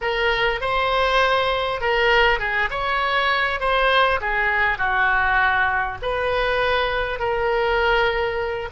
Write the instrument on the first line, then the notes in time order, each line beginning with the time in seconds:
oboe
0.01 A#4
0.61 C5
1.80 A#4
2.39 G#4
2.70 C#5
3.59 C5
4.20 G#4
4.78 F#4
6.02 B4
7.19 A#4